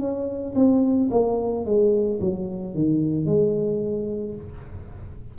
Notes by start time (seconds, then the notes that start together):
0.00 C#4
0.56 C4
1.11 A#3
1.66 G#3
2.21 F#3
2.75 D#3
3.26 G#3